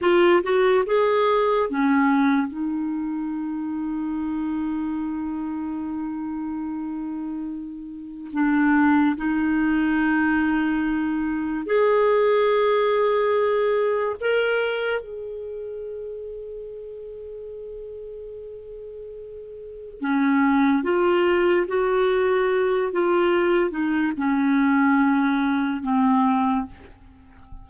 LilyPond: \new Staff \with { instrumentName = "clarinet" } { \time 4/4 \tempo 4 = 72 f'8 fis'8 gis'4 cis'4 dis'4~ | dis'1~ | dis'2 d'4 dis'4~ | dis'2 gis'2~ |
gis'4 ais'4 gis'2~ | gis'1 | cis'4 f'4 fis'4. f'8~ | f'8 dis'8 cis'2 c'4 | }